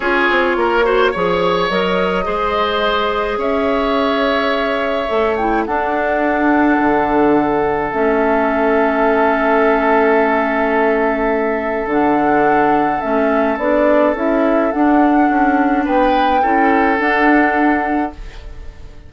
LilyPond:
<<
  \new Staff \with { instrumentName = "flute" } { \time 4/4 \tempo 4 = 106 cis''2. dis''4~ | dis''2 e''2~ | e''4. g''8 fis''2~ | fis''2 e''2~ |
e''1~ | e''4 fis''2 e''4 | d''4 e''4 fis''2 | g''2 fis''2 | }
  \new Staff \with { instrumentName = "oboe" } { \time 4/4 gis'4 ais'8 c''8 cis''2 | c''2 cis''2~ | cis''2 a'2~ | a'1~ |
a'1~ | a'1~ | a'1 | b'4 a'2. | }
  \new Staff \with { instrumentName = "clarinet" } { \time 4/4 f'4. fis'8 gis'4 ais'4 | gis'1~ | gis'4 a'8 e'8 d'2~ | d'2 cis'2~ |
cis'1~ | cis'4 d'2 cis'4 | d'4 e'4 d'2~ | d'4 e'4 d'2 | }
  \new Staff \with { instrumentName = "bassoon" } { \time 4/4 cis'8 c'8 ais4 f4 fis4 | gis2 cis'2~ | cis'4 a4 d'2 | d2 a2~ |
a1~ | a4 d2 a4 | b4 cis'4 d'4 cis'4 | b4 cis'4 d'2 | }
>>